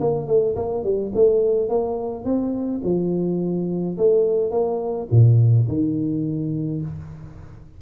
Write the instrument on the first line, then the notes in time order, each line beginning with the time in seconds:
tuba
0.00 A#3
0.27 A3
0.56 A#3
0.83 G3
1.14 A3
1.69 A#3
2.24 C4
2.84 F3
3.97 A3
4.51 A#3
5.11 A#2
5.68 D#3